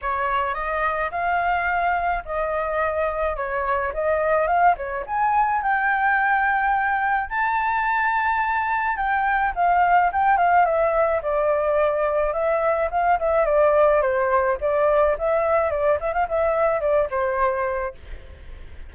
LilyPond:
\new Staff \with { instrumentName = "flute" } { \time 4/4 \tempo 4 = 107 cis''4 dis''4 f''2 | dis''2 cis''4 dis''4 | f''8 cis''8 gis''4 g''2~ | g''4 a''2. |
g''4 f''4 g''8 f''8 e''4 | d''2 e''4 f''8 e''8 | d''4 c''4 d''4 e''4 | d''8 e''16 f''16 e''4 d''8 c''4. | }